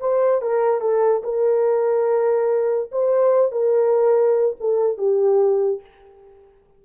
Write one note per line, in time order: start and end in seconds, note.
0.00 0.41 C5
0.41 0.81 A#4
0.81 1.23 A4
1.23 2.90 A#4
2.92 3.52 C5
3.52 4.56 A#4
4.60 4.98 A4
4.98 5.81 G4